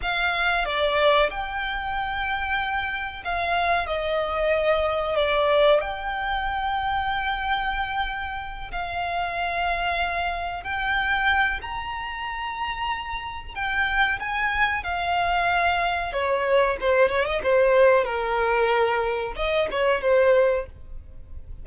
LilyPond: \new Staff \with { instrumentName = "violin" } { \time 4/4 \tempo 4 = 93 f''4 d''4 g''2~ | g''4 f''4 dis''2 | d''4 g''2.~ | g''4. f''2~ f''8~ |
f''8 g''4. ais''2~ | ais''4 g''4 gis''4 f''4~ | f''4 cis''4 c''8 cis''16 dis''16 c''4 | ais'2 dis''8 cis''8 c''4 | }